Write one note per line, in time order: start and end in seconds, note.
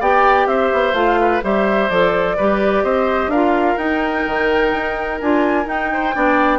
0.00 0.47 B3
0.00 0.94 G4
0.00 0.47 D5
0.00 0.47 G5
0.47 0.70 C4
0.47 1.20 C5
0.47 0.95 E5
0.73 0.93 B3
0.93 1.41 A3
0.93 1.42 F4
0.93 1.42 F5
1.21 1.44 B4
1.43 1.90 G3
1.43 1.90 G4
1.43 2.37 C5
1.43 1.90 E5
1.90 2.37 F3
1.90 2.38 A4
1.90 2.84 D5
2.37 2.83 G3
2.37 3.34 G4
2.37 2.84 B4
2.83 3.27 C4
2.83 3.31 C5
2.83 3.31 D#5
3.27 3.75 D4
3.27 5.91 A#4
3.27 3.78 F5
3.34 3.79 F4
3.78 4.25 D#4
3.78 5.20 D#4
3.78 5.19 G5
4.27 4.73 D#3
4.73 5.21 D#4
5.20 5.66 D4
5.20 5.66 F4
5.20 5.68 G#5
5.66 6.13 D#4
5.66 6.59 G5
5.93 6.15 C5
6.13 6.59 B3
6.13 6.59 D4
6.13 6.59 D5